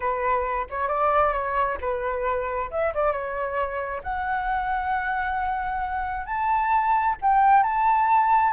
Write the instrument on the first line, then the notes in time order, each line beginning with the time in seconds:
flute
0.00 B4
0.69 C#5
0.88 D5
1.32 C#5
1.81 B4
2.70 E5
2.94 D5
3.12 C#5
4.03 F#5
6.26 A5
7.21 G5
7.63 A5